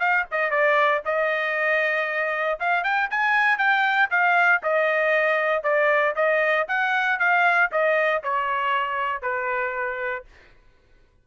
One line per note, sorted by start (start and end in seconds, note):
0.00 0.26 F5
0.31 0.51 D#5
0.51 1.02 D5
1.06 2.59 D#5
2.60 2.84 F5
2.84 3.10 G5
3.11 3.58 G#5
3.58 4.10 G5
4.11 4.62 F5
4.63 5.64 D#5
5.64 6.15 D5
6.16 6.67 D#5
6.68 7.19 F#5
7.19 7.71 F5
7.72 8.23 D#5
8.23 9.23 C#5
9.23 10.25 B4